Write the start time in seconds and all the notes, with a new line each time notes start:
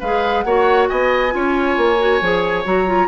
0.00 G#3 G#4 B4 F5
0.41 A#3 F#4 C#5 F#5
0.89 B3 D#5 G#5
1.30 C#4 F4 C#5
1.77 A#3
1.99 F#4
2.21 F3 G#4
2.65 F#3 F#4 A#5
2.87 F4